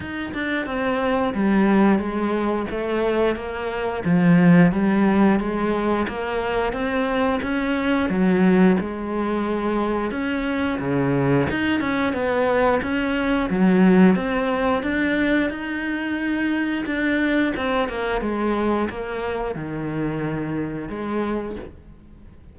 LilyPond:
\new Staff \with { instrumentName = "cello" } { \time 4/4 \tempo 4 = 89 dis'8 d'8 c'4 g4 gis4 | a4 ais4 f4 g4 | gis4 ais4 c'4 cis'4 | fis4 gis2 cis'4 |
cis4 dis'8 cis'8 b4 cis'4 | fis4 c'4 d'4 dis'4~ | dis'4 d'4 c'8 ais8 gis4 | ais4 dis2 gis4 | }